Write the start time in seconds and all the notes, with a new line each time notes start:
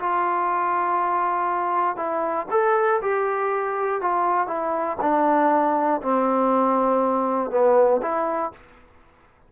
0.00 F4
1.97 E4
2.51 A4
3.02 G4
4.02 F4
4.48 E4
5.02 D4
6.02 C4
7.51 B3
8.03 E4